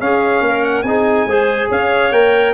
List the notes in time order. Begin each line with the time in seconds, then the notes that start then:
0.00 C#4 G#4 F5
0.41 A#3 A#4
0.64 F#5
0.82 C4 D#4 G#4 G#5
1.26 G#3 G#4 C5
1.70 C#4 C#5 F5
2.12 A#3 A#4 G5